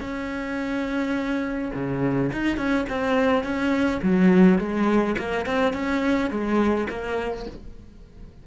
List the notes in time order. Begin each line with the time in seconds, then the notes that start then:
0.00 C#4
1.74 C#3
2.32 D#4
2.57 C#4
2.89 C4
3.43 C#4
4.02 F#3
4.58 G#3
5.18 A#3
5.46 C4
5.73 C#4
6.30 G#3
6.89 A#3